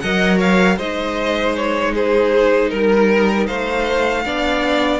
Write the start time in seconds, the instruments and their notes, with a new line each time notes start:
0.00 cello F#3, viola A#4, violin D#5 F#5
0.37 violin C#5 F5
0.77 cello G#3, viola D#4, violin C5 D#5
1.56 violin C#5
1.93 violin G#4 C5
2.69 cello G3, violin A#4
3.47 cello A3, violin C5 F5
4.25 cello B3, viola D4, violin D5